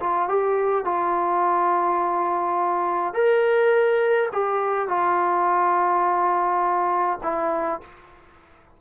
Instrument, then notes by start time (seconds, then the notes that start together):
trombone
0.00 F4
0.29 G4
0.84 F4
3.14 A#4
4.32 G4
4.88 F4
7.23 E4